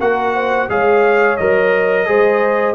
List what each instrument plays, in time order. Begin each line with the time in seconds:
0.00 tuba A#3, trombone F#4, horn A#4, trumpet F#5
0.35 horn C5
0.69 tuba G#3, trombone G#4, horn C#5, trumpet F5
1.37 tuba F#3, trombone A#4, trumpet D#5
2.06 tuba G#3, trombone G#4, horn C5